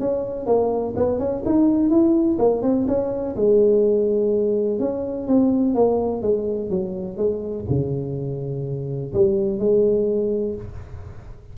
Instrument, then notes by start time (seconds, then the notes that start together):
tuba
0.00 C#4
0.46 A#3
0.96 B3
1.19 C#4
1.46 D#4
1.90 E4
2.39 A#3
2.62 C4
2.88 C#4
3.36 G#3
4.80 C#4
5.28 C4
5.74 A#3
6.22 G#3
6.70 F#3
7.17 G#3
7.70 C#3
9.14 G3
9.59 G#3